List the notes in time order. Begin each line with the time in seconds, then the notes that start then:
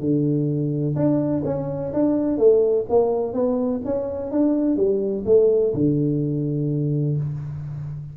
0.00 D3
0.95 D4
1.45 C#4
1.93 D4
2.37 A3
2.89 A#3
3.33 B3
3.85 C#4
4.31 D4
4.76 G3
5.26 A3
5.74 D3